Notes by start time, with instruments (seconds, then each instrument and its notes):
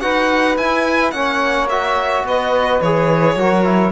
0.00 cello D#4, trombone F#4, saxophone B4, violin F#5
0.57 cello E4, trombone E4, violin G#5
1.11 cello A#3, trombone C#4, saxophone C#5, violin F#5
1.69 trombone F#4, violin E5
2.23 cello B3, saxophone B4, violin D#5
2.81 cello E3, trombone G#4, violin C#5
3.35 cello F#3, trombone F#4, saxophone A#4
3.64 trombone E4